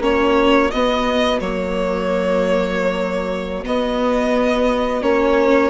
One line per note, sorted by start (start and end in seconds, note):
0.00 0.69 A#3
0.00 0.69 C#4
0.00 5.70 F#4
0.00 0.71 C#5
0.71 1.41 B3
0.71 1.40 D#5
1.40 3.65 F#3
1.40 3.64 A#3
1.40 3.65 C#5
3.64 5.02 B3
3.64 5.02 D#5
5.02 5.70 A#3
5.02 5.70 C#4
5.02 5.70 C#5